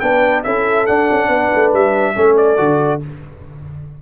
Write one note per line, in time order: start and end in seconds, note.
0.00 0.45 B3
0.00 0.45 D4
0.00 0.45 B4
0.00 0.43 G5
0.44 0.88 C#4
0.44 0.87 E4
0.44 1.28 A4
0.44 0.86 E5
0.86 2.15 D4
0.86 1.10 D4
0.86 1.72 F#5
1.11 1.28 C#4
1.28 1.50 B3
1.28 2.14 B4
1.55 1.73 A3
1.73 2.16 G3
1.73 2.37 E5
2.15 2.59 A3
2.15 2.57 C#4
2.15 3.01 A4
2.37 3.01 D5
2.57 3.02 D3
2.57 3.00 F#4